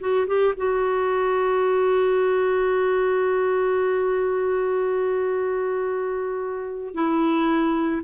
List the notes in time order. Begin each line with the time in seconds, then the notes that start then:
0.00 F#4
0.27 G4
0.57 F#4
6.94 E4